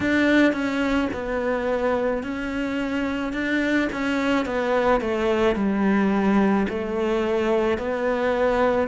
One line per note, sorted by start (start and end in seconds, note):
0.00 0.53 D4
0.53 1.08 C#4
1.13 2.23 B3
2.23 3.32 C#4
3.32 3.88 D4
3.92 4.45 C#4
4.45 5.01 B3
5.01 5.56 A3
5.56 6.67 G3
6.69 7.78 A3
7.78 8.87 B3